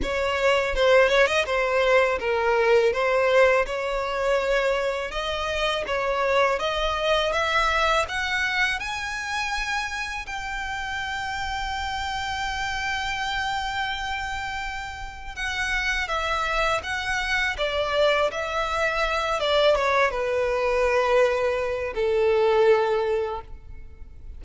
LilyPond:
\new Staff \with { instrumentName = "violin" } { \time 4/4 \tempo 4 = 82 cis''4 c''8 cis''16 dis''16 c''4 ais'4 | c''4 cis''2 dis''4 | cis''4 dis''4 e''4 fis''4 | gis''2 g''2~ |
g''1~ | g''4 fis''4 e''4 fis''4 | d''4 e''4. d''8 cis''8 b'8~ | b'2 a'2 | }